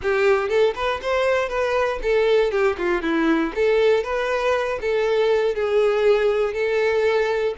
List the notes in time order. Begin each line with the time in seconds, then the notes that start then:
0.02 G4
0.48 A4
0.75 B4
1.02 C5
1.49 B4
2.02 A4
2.51 G4
2.77 F4
3.02 E4
3.55 A4
4.03 B4
4.81 A4
5.54 G#4
6.53 A4